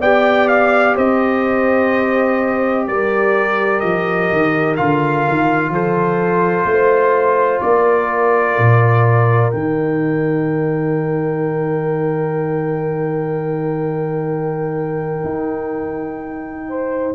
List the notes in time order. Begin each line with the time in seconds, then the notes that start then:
0.00 B3 G4 D5 G5
0.48 F5
0.95 C4 C5 D#5
2.87 G3 A#4 D5
3.80 F3 D#5
4.32 D#3
4.76 D3 F4 F5
5.28 D#3
5.68 F3 A4 C5
6.64 A3 C5
7.60 A#3 A#4 D5
8.58 A#2
9.51 D#3 D#4 G5
15.24 D#4
16.68 C5